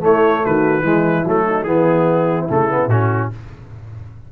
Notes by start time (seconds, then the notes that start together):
0.00 A3 E4 C#5
0.43 D#3 F#4 B4
0.82 E3 G#3 E4
1.25 F#3 A3 A4
1.46 D#4
1.64 E3 B3 E4 G#4
2.49 C#3 A3 A4
2.69 B3
2.87 A2 C#4 F#4